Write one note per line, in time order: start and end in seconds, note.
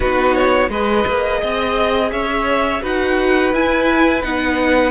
0.00 0.69 B3
0.00 0.69 D#4
0.00 0.69 F#4
0.00 0.34 B4
0.34 0.70 C#5
0.69 1.04 G#3
0.69 2.81 G#4
0.69 1.40 B4
0.69 2.11 D#5
1.07 1.42 A#3
1.40 2.11 C4
1.40 2.10 D#5
2.11 2.82 C#4
2.11 2.82 C#5
2.11 2.82 E5
2.81 3.52 D#4
2.81 3.52 F#4
2.81 4.90 B4
2.81 3.54 F#5
3.52 4.23 E4
3.52 4.22 E4
3.52 4.22 G#5
4.22 4.90 B3
4.22 4.90 D#4
4.22 4.90 F#5